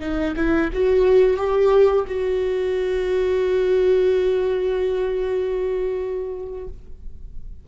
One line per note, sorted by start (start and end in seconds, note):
0.00 0.34 D#4
0.36 0.70 E4
0.73 1.37 F#4
1.37 2.05 G4
2.07 6.68 F#4